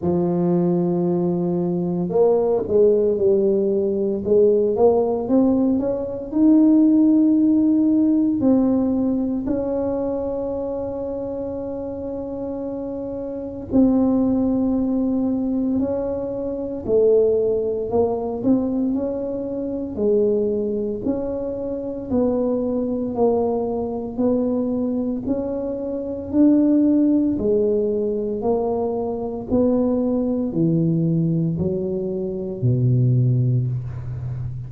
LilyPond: \new Staff \with { instrumentName = "tuba" } { \time 4/4 \tempo 4 = 57 f2 ais8 gis8 g4 | gis8 ais8 c'8 cis'8 dis'2 | c'4 cis'2.~ | cis'4 c'2 cis'4 |
a4 ais8 c'8 cis'4 gis4 | cis'4 b4 ais4 b4 | cis'4 d'4 gis4 ais4 | b4 e4 fis4 b,4 | }